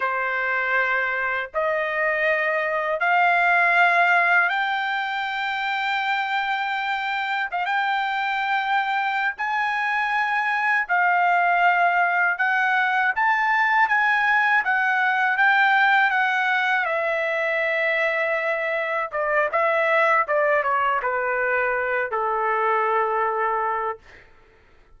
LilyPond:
\new Staff \with { instrumentName = "trumpet" } { \time 4/4 \tempo 4 = 80 c''2 dis''2 | f''2 g''2~ | g''2 f''16 g''4.~ g''16~ | g''8 gis''2 f''4.~ |
f''8 fis''4 a''4 gis''4 fis''8~ | fis''8 g''4 fis''4 e''4.~ | e''4. d''8 e''4 d''8 cis''8 | b'4. a'2~ a'8 | }